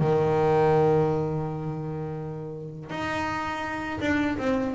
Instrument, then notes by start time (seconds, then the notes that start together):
double bass
0.00 D#3
2.90 D#4
4.01 D4
4.38 C4